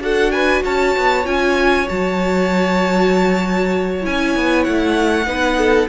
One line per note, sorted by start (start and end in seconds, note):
0.00 0.62 D4
0.00 1.24 F#4
0.00 0.32 A4
0.00 0.31 F#5
0.31 0.63 B4
0.31 0.62 G#5
0.64 0.96 C#4
0.64 5.26 C#5
0.64 1.26 A5
0.97 1.26 B3
1.24 1.87 C#4
1.24 1.86 F4
1.24 1.88 G#5
1.88 4.05 F#3
1.88 4.01 F#4
1.88 4.05 A5
4.01 4.35 C#4
4.01 5.25 E4
4.01 4.64 G#5
4.35 4.66 B3
4.64 5.26 A3
4.64 5.88 F#5
5.26 5.88 B3
5.26 5.88 D#4
5.26 5.57 B4
5.58 5.88 A4